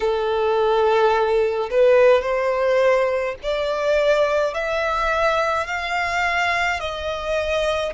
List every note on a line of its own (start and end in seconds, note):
0.00 1.69 A4
1.70 2.22 B4
2.22 3.35 C5
3.43 4.54 D5
4.54 5.67 E5
5.67 6.79 F5
6.79 7.92 D#5